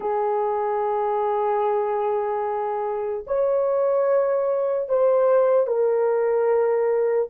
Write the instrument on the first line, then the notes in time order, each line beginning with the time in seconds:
horn
0.00 G#4
3.27 C#5
4.88 C5
5.66 A#4